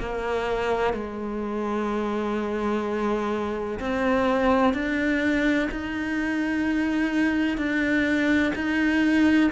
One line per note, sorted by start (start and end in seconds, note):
0.00 0.94 A#3
0.94 3.80 G#3
3.80 4.74 C4
4.74 5.69 D4
5.71 7.58 D#4
7.58 8.53 D4
8.55 9.51 D#4